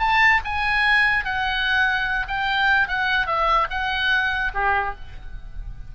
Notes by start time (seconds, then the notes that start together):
0.00 A5
0.45 G#5
1.25 F#5
2.28 G5
2.88 F#5
3.27 E5
3.71 F#5
4.55 G4